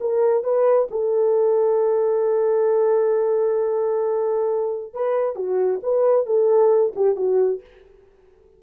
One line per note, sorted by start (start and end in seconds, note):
0.00 0.43 A#4
0.43 0.88 B4
0.91 4.93 A4
4.93 5.35 B4
5.35 5.80 F#4
5.82 6.26 B4
6.26 6.93 A4
6.95 7.16 G4
7.16 7.61 F#4